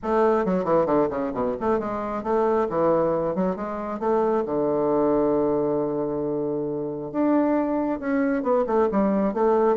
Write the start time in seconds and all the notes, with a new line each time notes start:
0.02 A3
0.45 F#3
0.64 E3
0.85 D3
1.09 C#3
1.33 B2
1.60 A3
1.79 G#3
2.23 A3
2.69 E3
3.35 F#3
3.56 G#3
3.99 A3
4.45 D3
7.12 D4
7.99 C#4
8.42 B3
8.66 A3
8.91 G3
9.33 A3